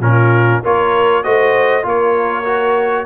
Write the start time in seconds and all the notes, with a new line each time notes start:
0.00 A#2 C#4 F4 A#4
0.62 A#3 F4 A#4 C#5
1.23 A3 F#4 C5 D#5
1.83 A#3 F4 A#4 C#5
2.45 F#4